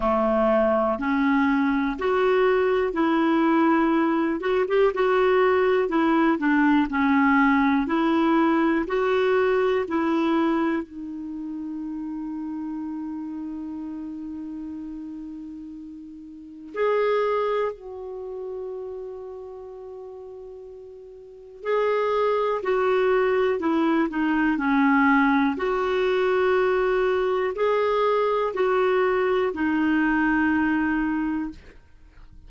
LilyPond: \new Staff \with { instrumentName = "clarinet" } { \time 4/4 \tempo 4 = 61 a4 cis'4 fis'4 e'4~ | e'8 fis'16 g'16 fis'4 e'8 d'8 cis'4 | e'4 fis'4 e'4 dis'4~ | dis'1~ |
dis'4 gis'4 fis'2~ | fis'2 gis'4 fis'4 | e'8 dis'8 cis'4 fis'2 | gis'4 fis'4 dis'2 | }